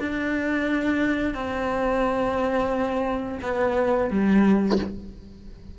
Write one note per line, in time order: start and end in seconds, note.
0.00 1.35 D4
1.35 3.39 C4
3.43 4.11 B3
4.11 4.79 G3